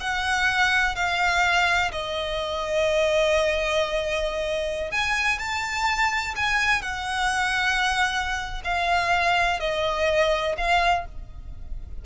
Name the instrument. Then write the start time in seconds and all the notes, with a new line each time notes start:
violin
0.00 F#5
0.95 F5
1.92 D#5
4.92 G#5
5.38 A5
6.36 G#5
6.82 F#5
8.64 F5
9.60 D#5
10.57 F5